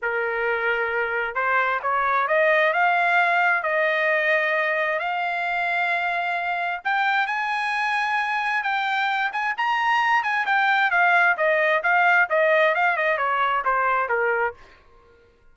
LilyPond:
\new Staff \with { instrumentName = "trumpet" } { \time 4/4 \tempo 4 = 132 ais'2. c''4 | cis''4 dis''4 f''2 | dis''2. f''4~ | f''2. g''4 |
gis''2. g''4~ | g''8 gis''8 ais''4. gis''8 g''4 | f''4 dis''4 f''4 dis''4 | f''8 dis''8 cis''4 c''4 ais'4 | }